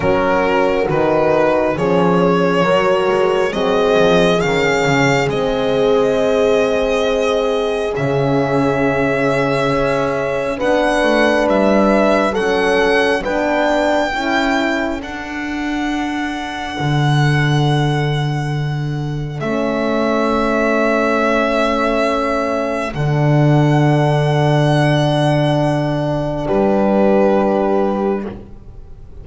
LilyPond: <<
  \new Staff \with { instrumentName = "violin" } { \time 4/4 \tempo 4 = 68 ais'4 b'4 cis''2 | dis''4 f''4 dis''2~ | dis''4 e''2. | fis''4 e''4 fis''4 g''4~ |
g''4 fis''2.~ | fis''2 e''2~ | e''2 fis''2~ | fis''2 b'2 | }
  \new Staff \with { instrumentName = "horn" } { \time 4/4 fis'2 gis'4 ais'4 | gis'1~ | gis'1 | b'2 a'4 b'4 |
a'1~ | a'1~ | a'1~ | a'2 g'2 | }
  \new Staff \with { instrumentName = "horn" } { \time 4/4 cis'4 dis'4 cis'4 fis'4 | c'4 cis'4 c'2~ | c'4 cis'2. | d'2 cis'4 d'4 |
e'4 d'2.~ | d'2 cis'2~ | cis'2 d'2~ | d'1 | }
  \new Staff \with { instrumentName = "double bass" } { \time 4/4 fis4 dis4 f4 fis8 gis8 | fis8 f8 dis8 cis8 gis2~ | gis4 cis2 cis'4 | b8 a8 g4 fis4 b4 |
cis'4 d'2 d4~ | d2 a2~ | a2 d2~ | d2 g2 | }
>>